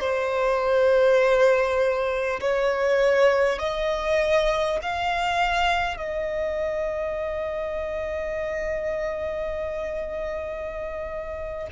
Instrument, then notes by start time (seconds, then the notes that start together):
violin
0.00 C5
2.41 C#5
3.59 D#5
4.82 F5
5.97 D#5